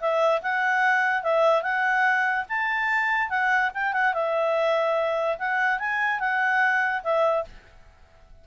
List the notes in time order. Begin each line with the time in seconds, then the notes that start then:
0.00 E5
0.42 F#5
1.23 E5
1.63 F#5
2.49 A5
3.29 F#5
3.74 G5
3.93 F#5
4.13 E5
5.38 F#5
5.79 G#5
6.19 F#5
7.03 E5